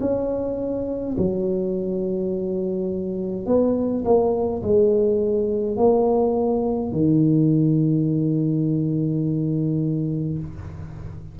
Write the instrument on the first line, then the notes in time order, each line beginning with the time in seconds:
tuba
0.00 C#4
1.17 F#3
3.46 B3
4.04 A#3
4.63 G#3
5.77 A#3
6.92 D#3